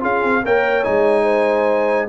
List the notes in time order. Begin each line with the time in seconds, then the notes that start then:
0.00 C#4 F4 G#4 F5
0.24 C4
0.44 A#3 A#4 C#5 G5
0.84 G#3 D#4 G#5
1.23 C5